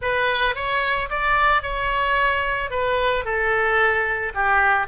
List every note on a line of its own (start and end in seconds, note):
0.01 0.55 B4
0.55 1.09 C#5
1.09 1.62 D5
1.62 2.70 C#5
2.70 3.24 B4
3.24 4.32 A4
4.34 4.87 G4